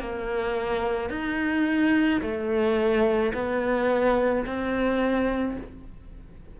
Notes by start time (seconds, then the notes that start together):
0.00 A#3
1.10 D#4
2.21 A3
3.34 B3
4.46 C4